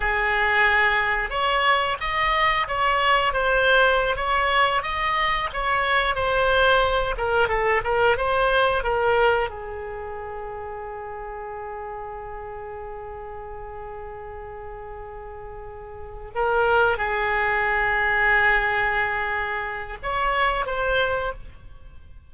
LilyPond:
\new Staff \with { instrumentName = "oboe" } { \time 4/4 \tempo 4 = 90 gis'2 cis''4 dis''4 | cis''4 c''4~ c''16 cis''4 dis''8.~ | dis''16 cis''4 c''4. ais'8 a'8 ais'16~ | ais'16 c''4 ais'4 gis'4.~ gis'16~ |
gis'1~ | gis'1~ | gis'8 ais'4 gis'2~ gis'8~ | gis'2 cis''4 c''4 | }